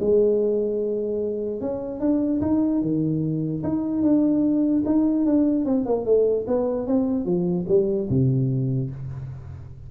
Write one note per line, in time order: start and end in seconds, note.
0.00 1.61 G#3
1.61 2.00 C#4
2.00 2.41 D4
2.41 2.82 D#4
2.82 3.63 D#3
3.63 4.02 D#4
4.02 4.84 D4
4.86 5.26 D#4
5.26 5.66 D4
5.66 5.86 C4
5.86 6.05 A#3
6.05 6.46 A3
6.48 6.87 B3
6.87 7.25 C4
7.25 7.66 F3
7.68 8.09 G3
8.10 8.91 C3